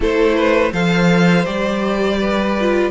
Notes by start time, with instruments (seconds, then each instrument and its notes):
0.00 cello A3, viola E4, violin A4 C5
0.36 violin B4
0.72 cello F3, viola A4, violin C5 F5
1.45 cello G3, viola G4, violin D5
2.18 violin B4
2.60 viola F4